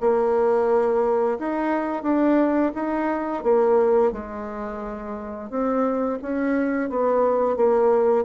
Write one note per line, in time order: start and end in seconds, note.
0.00 1.38 A#3
1.39 2.03 D#4
2.03 2.71 D4
2.74 3.43 D#4
3.43 4.12 A#3
4.12 5.50 G#3
5.50 6.18 C4
6.22 6.89 C#4
6.89 7.56 B3
7.56 8.24 A#3